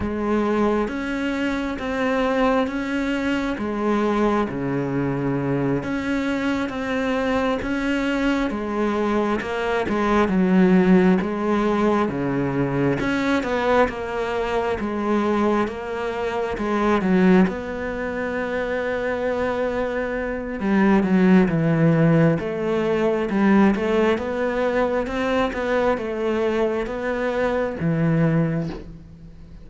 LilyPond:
\new Staff \with { instrumentName = "cello" } { \time 4/4 \tempo 4 = 67 gis4 cis'4 c'4 cis'4 | gis4 cis4. cis'4 c'8~ | c'8 cis'4 gis4 ais8 gis8 fis8~ | fis8 gis4 cis4 cis'8 b8 ais8~ |
ais8 gis4 ais4 gis8 fis8 b8~ | b2. g8 fis8 | e4 a4 g8 a8 b4 | c'8 b8 a4 b4 e4 | }